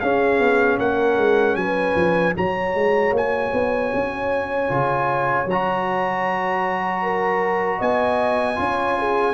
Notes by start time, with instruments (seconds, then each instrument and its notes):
0.00 tuba C#4, trombone C#4, horn G#4, trumpet F5
0.39 tuba B3
0.79 tuba A#3, horn A#4, trumpet F#5
1.17 tuba G#3
1.56 tuba F#3, horn B4, trumpet G#5
1.95 tuba F3
2.35 tuba F#3, trombone F#4, horn C#5, trumpet A#5
2.75 tuba G#3
3.12 tuba A#3, trumpet G#5
3.53 tuba B3
3.94 tuba C#4
4.68 tuba C#3, trombone F4
5.46 tuba F#3, trombone F#4, trumpet A#5
7.02 horn A#4
7.79 tuba B3, horn D#5, trumpet G#5
8.56 tuba C#4, trombone F4
8.62 horn C#5
8.99 horn G#4